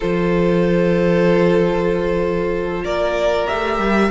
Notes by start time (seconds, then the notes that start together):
0.00 F3 F4 A4 C5
2.84 A#3 A#4 D5
3.47 A3 G4 E5
3.79 G3